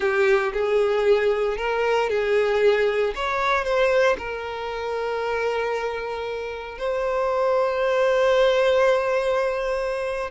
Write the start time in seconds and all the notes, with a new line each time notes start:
0.00 G4
0.53 G#4
1.57 A#4
2.09 G#4
3.15 C#5
3.64 C5
4.17 A#4
6.78 C5